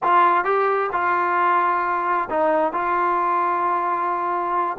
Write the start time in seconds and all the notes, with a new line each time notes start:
0.03 F4
0.44 G4
0.92 F4
2.30 D#4
2.72 F4